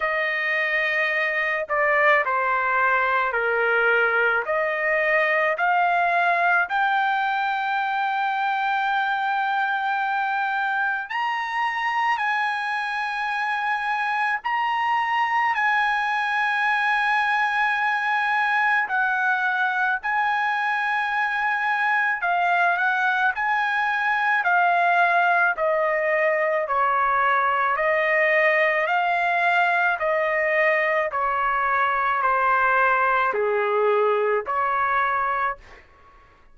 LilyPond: \new Staff \with { instrumentName = "trumpet" } { \time 4/4 \tempo 4 = 54 dis''4. d''8 c''4 ais'4 | dis''4 f''4 g''2~ | g''2 ais''4 gis''4~ | gis''4 ais''4 gis''2~ |
gis''4 fis''4 gis''2 | f''8 fis''8 gis''4 f''4 dis''4 | cis''4 dis''4 f''4 dis''4 | cis''4 c''4 gis'4 cis''4 | }